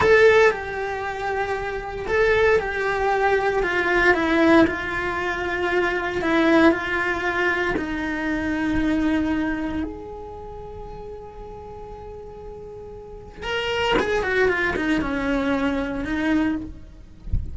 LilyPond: \new Staff \with { instrumentName = "cello" } { \time 4/4 \tempo 4 = 116 a'4 g'2. | a'4 g'2 f'4 | e'4 f'2. | e'4 f'2 dis'4~ |
dis'2. gis'4~ | gis'1~ | gis'2 ais'4 gis'8 fis'8 | f'8 dis'8 cis'2 dis'4 | }